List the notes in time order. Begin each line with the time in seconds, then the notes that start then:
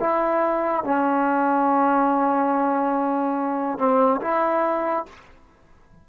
0.00 E4
0.85 C#4
3.79 C4
4.22 E4